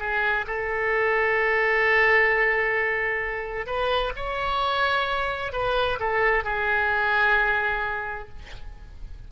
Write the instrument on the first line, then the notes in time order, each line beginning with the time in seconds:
oboe
0.00 G#4
0.47 A4
3.67 B4
4.17 C#5
5.53 B4
6.00 A4
6.44 G#4